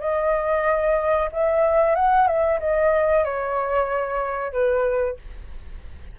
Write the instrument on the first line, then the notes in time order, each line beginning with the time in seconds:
flute
0.00 D#5
1.32 E5
1.95 F#5
2.27 E5
2.60 D#5
3.24 C#5
4.52 B4